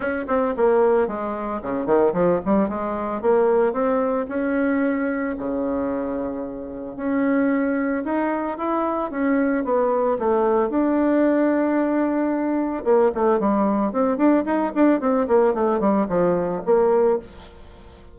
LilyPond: \new Staff \with { instrumentName = "bassoon" } { \time 4/4 \tempo 4 = 112 cis'8 c'8 ais4 gis4 cis8 dis8 | f8 g8 gis4 ais4 c'4 | cis'2 cis2~ | cis4 cis'2 dis'4 |
e'4 cis'4 b4 a4 | d'1 | ais8 a8 g4 c'8 d'8 dis'8 d'8 | c'8 ais8 a8 g8 f4 ais4 | }